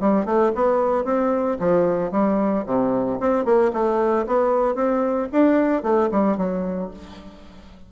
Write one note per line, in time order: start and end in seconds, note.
0.00 0.25 G3
0.25 0.52 A3
0.55 1.05 B3
1.05 1.58 C4
1.59 2.11 F3
2.11 2.64 G3
2.66 3.19 C3
3.20 3.45 C4
3.45 3.71 A#3
3.73 4.26 A3
4.26 4.75 B3
4.75 5.28 C4
5.32 5.83 D4
5.83 6.09 A3
6.11 6.37 G3
6.37 6.90 F#3